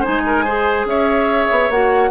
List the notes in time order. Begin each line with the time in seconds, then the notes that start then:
0.00 D#4 C5 G#5
0.07 G#3
0.26 A#4
0.44 G#4 C5
0.85 C#4 C#5 E5
1.51 B3
1.69 A#3 F#4 F#5